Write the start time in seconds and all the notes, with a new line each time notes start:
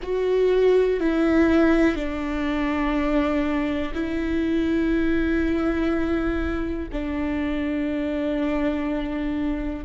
0.02 F#4
1.00 E4
1.95 D4
3.93 E4
6.92 D4